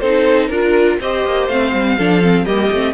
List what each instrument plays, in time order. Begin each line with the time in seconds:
0.00 cello C4, viola D#4, violin A4 C5
0.49 cello D4, viola F4, violin A#4
1.01 cello C4, viola G4, violin C5 D#5
1.25 cello A#3
1.48 cello A3, viola C4, violin F5
1.73 cello G3
1.97 cello F3, viola D4, violin A4
2.22 viola C4
2.45 cello G3, viola A#3, violin G4 D#5
2.72 cello A3, viola C4